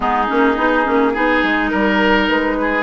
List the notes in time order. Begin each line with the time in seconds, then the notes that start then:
0.00 G#3 B3 D#4 G#4
0.27 A#3 C#4
0.57 B3 D#4
0.84 A#3 C#4
1.13 B3 D#4 G#4
1.43 G#3
1.67 G3 A#4
2.28 G#3 B4
2.61 G#4